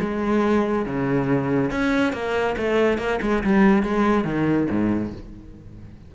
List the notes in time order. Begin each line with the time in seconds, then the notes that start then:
0.00 G#3
0.86 C#3
1.71 C#4
2.13 A#3
2.57 A3
2.98 A#3
3.22 G#3
3.43 G3
3.83 G#3
4.24 D#3
4.70 G#2